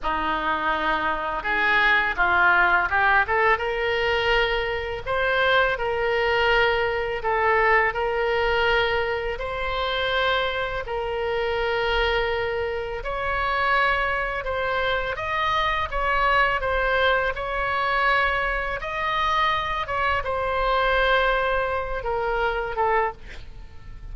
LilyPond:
\new Staff \with { instrumentName = "oboe" } { \time 4/4 \tempo 4 = 83 dis'2 gis'4 f'4 | g'8 a'8 ais'2 c''4 | ais'2 a'4 ais'4~ | ais'4 c''2 ais'4~ |
ais'2 cis''2 | c''4 dis''4 cis''4 c''4 | cis''2 dis''4. cis''8 | c''2~ c''8 ais'4 a'8 | }